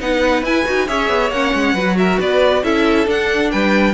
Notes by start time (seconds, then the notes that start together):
0.00 B3 D#4 B4 F#5
0.42 E4 G#5
0.65 D#4 F#4
0.86 C#4 G#4 C#5 E5
1.09 B3
1.31 A#3 C#4 F#5
1.53 G#3
1.74 F#3 F#4 B4
1.97 A#4 E5
2.19 B3 B4 D5
2.63 C#4 E4 A4 E5
3.06 D4 F#5
3.51 G3 B4 G5